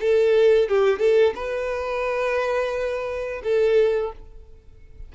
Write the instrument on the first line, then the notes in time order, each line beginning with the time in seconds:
violin
0.00 A4
0.68 G4
0.99 A4
1.35 B4
3.43 A4